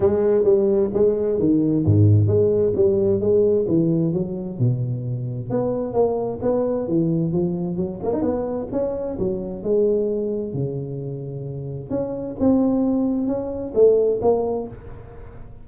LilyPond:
\new Staff \with { instrumentName = "tuba" } { \time 4/4 \tempo 4 = 131 gis4 g4 gis4 dis4 | gis,4 gis4 g4 gis4 | e4 fis4 b,2 | b4 ais4 b4 e4 |
f4 fis8 ais16 dis'16 b4 cis'4 | fis4 gis2 cis4~ | cis2 cis'4 c'4~ | c'4 cis'4 a4 ais4 | }